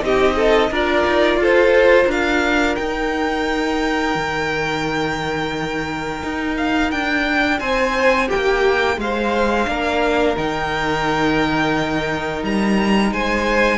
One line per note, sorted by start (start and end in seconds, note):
0.00 0.70 C4
0.00 0.69 D#4
0.00 0.35 G4
0.00 0.74 D#5
0.35 0.70 A4
0.70 1.05 D4
0.70 2.78 F4
0.70 1.40 A#4
0.70 1.43 D5
1.07 1.36 D#4
1.36 2.05 F4
1.36 2.05 A4
1.43 2.11 C5
2.05 2.76 D4
2.05 7.56 A#4
2.11 2.75 F5
2.75 4.15 D#4
2.75 9.66 D#4
2.75 6.55 G5
4.15 6.22 D#3
6.23 6.92 D#4
6.57 6.91 F5
6.91 7.60 D4
6.91 7.59 G5
7.59 8.29 C4
7.59 8.27 C5
7.59 8.28 G#5
8.27 8.96 G4
8.27 8.99 G5
8.34 8.97 A#3
8.97 9.66 G#3
8.97 9.69 C5
8.97 10.37 F5
9.66 10.36 A#3
9.66 10.35 D4
9.66 13.12 A#4
10.37 12.43 D#3
10.37 13.78 D#4
10.37 12.44 G5
12.43 13.11 G3
12.43 13.13 A#5
13.11 13.78 G#3
13.11 13.78 C5
13.11 13.78 G#5